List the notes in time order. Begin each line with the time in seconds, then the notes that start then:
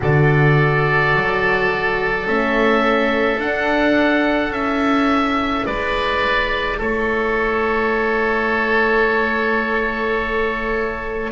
0.00 D3 F#4 A4 D5
1.15 F#3
2.26 A3 C#4 E5
3.38 D4 F#5
4.50 C#4 E4 E5
5.66 G#3 B4 D5
6.77 A3 A4 C#5